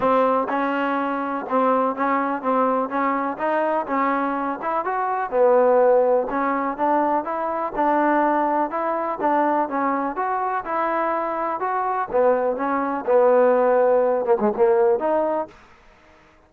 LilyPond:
\new Staff \with { instrumentName = "trombone" } { \time 4/4 \tempo 4 = 124 c'4 cis'2 c'4 | cis'4 c'4 cis'4 dis'4 | cis'4. e'8 fis'4 b4~ | b4 cis'4 d'4 e'4 |
d'2 e'4 d'4 | cis'4 fis'4 e'2 | fis'4 b4 cis'4 b4~ | b4. ais16 gis16 ais4 dis'4 | }